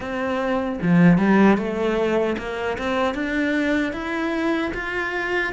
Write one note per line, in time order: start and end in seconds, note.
0.00 0.79 C4
0.82 1.18 F3
1.18 1.57 G3
1.57 2.36 A3
2.38 2.77 A#3
2.77 3.14 C4
3.14 3.92 D4
3.92 4.71 E4
4.74 5.53 F4